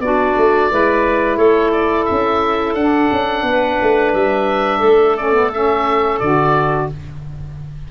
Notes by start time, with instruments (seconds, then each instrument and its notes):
0.00 tuba B3, saxophone D4, clarinet F#4, oboe D5
0.36 tuba A3
0.70 tuba G#3, saxophone E4, clarinet B4
1.37 tuba A3, clarinet A4, oboe C#5
1.72 oboe D5
2.05 tuba C#4, oboe E5
2.75 tuba D4, saxophone D4, oboe F#5
3.12 tuba C#4
3.43 tuba B3, clarinet B4
3.82 tuba A3
4.13 tuba G3, oboe E5
4.79 tuba A3, clarinet A4
5.17 saxophone C#4, oboe D5
5.33 saxophone B3
5.53 saxophone C#4, oboe E5
6.19 tuba D3, saxophone F#4, oboe D5